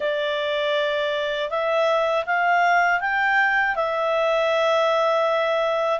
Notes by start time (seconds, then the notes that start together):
0.00 D5
1.50 E5
2.26 F5
3.00 G5
3.75 E5